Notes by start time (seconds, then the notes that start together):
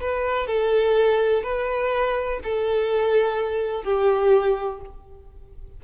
0.00 B4
0.47 A4
1.43 B4
2.43 A4
3.84 G4